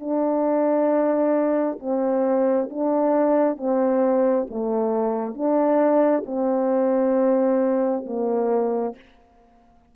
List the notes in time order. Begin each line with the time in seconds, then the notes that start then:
0.00 D4
1.80 C4
2.70 D4
3.58 C4
4.51 A3
5.35 D4
6.26 C4
8.06 A#3